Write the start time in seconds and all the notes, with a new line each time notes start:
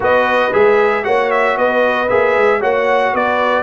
0.00 B3 F#4 B4 D#5
0.52 G#3 G#4 E5
1.03 A#3 F#4 C#5 F#5
1.31 E5
1.57 B3 B4 D#5
2.08 A#3 G#4 E5
2.36 G#3
2.60 A#3 F#4 C#5 F#5
3.13 B3 B4 D5